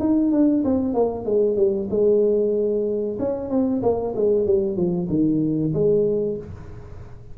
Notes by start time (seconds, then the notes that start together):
0.00 D#4
0.32 D4
0.65 C4
0.95 A#3
1.26 G#3
1.57 G3
1.91 G#3
3.20 C#4
3.50 C4
3.83 A#3
4.16 G#3
4.47 G3
4.77 F3
5.10 D#3
5.74 G#3